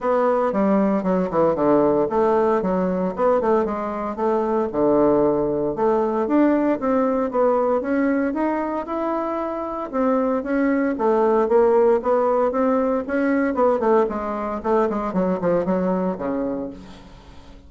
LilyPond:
\new Staff \with { instrumentName = "bassoon" } { \time 4/4 \tempo 4 = 115 b4 g4 fis8 e8 d4 | a4 fis4 b8 a8 gis4 | a4 d2 a4 | d'4 c'4 b4 cis'4 |
dis'4 e'2 c'4 | cis'4 a4 ais4 b4 | c'4 cis'4 b8 a8 gis4 | a8 gis8 fis8 f8 fis4 cis4 | }